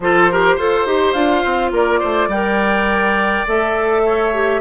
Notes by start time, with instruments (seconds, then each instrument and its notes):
0.00 bassoon F3, clarinet F4, oboe A4, flute C5
0.31 clarinet G4, oboe A#4
0.55 bassoon F4, clarinet A4, oboe C5
0.86 bassoon D#4, clarinet G4
1.12 bassoon D4, clarinet F4, flute F5
1.44 bassoon C4
1.71 bassoon A#3, oboe A#4, flute D5
1.99 bassoon A3, oboe C5
2.27 bassoon G3, clarinet A#4, oboe D5, flute G5
3.47 bassoon A3, clarinet A4, flute E5
4.05 oboe C#5
4.34 clarinet G4